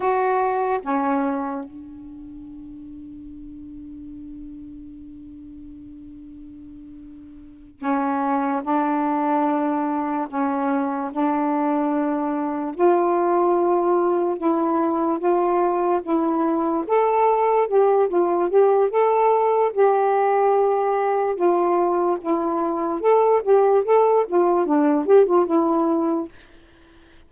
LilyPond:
\new Staff \with { instrumentName = "saxophone" } { \time 4/4 \tempo 4 = 73 fis'4 cis'4 d'2~ | d'1~ | d'4. cis'4 d'4.~ | d'8 cis'4 d'2 f'8~ |
f'4. e'4 f'4 e'8~ | e'8 a'4 g'8 f'8 g'8 a'4 | g'2 f'4 e'4 | a'8 g'8 a'8 f'8 d'8 g'16 f'16 e'4 | }